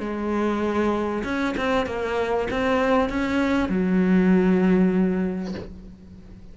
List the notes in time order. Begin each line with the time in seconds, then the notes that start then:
0.00 G#3
1.24 C#4
1.57 C4
1.86 A#3
2.51 C4
3.10 C#4
3.69 F#3